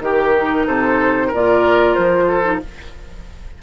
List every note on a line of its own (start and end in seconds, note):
0.00 0.65 D#3
0.00 0.35 G4
0.00 0.66 G4
0.00 0.67 A#4
0.35 1.32 D#4
0.66 1.31 C3
0.66 1.27 A4
0.66 1.31 C5
1.27 2.23 A#4
1.33 1.97 A#2
1.33 2.43 F4
1.33 1.94 D5
1.94 2.62 F3
1.94 2.59 C5
2.27 2.59 A4
2.43 2.59 D#4